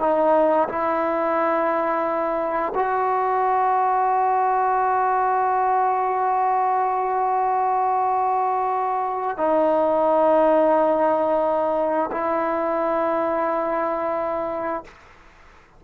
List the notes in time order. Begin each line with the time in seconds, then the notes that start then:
0.00 D#4
0.68 E4
2.75 F#4
9.37 D#4
12.11 E4